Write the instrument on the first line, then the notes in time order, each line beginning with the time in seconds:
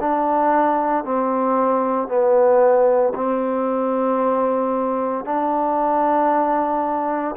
trombone
0.00 D4
1.05 C4
2.08 B3
3.15 C4
5.25 D4